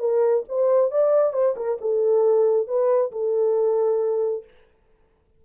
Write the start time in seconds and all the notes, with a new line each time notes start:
0.00 A#4
0.49 C5
0.91 D5
1.33 C5
1.57 A#4
1.81 A4
2.68 B4
3.12 A4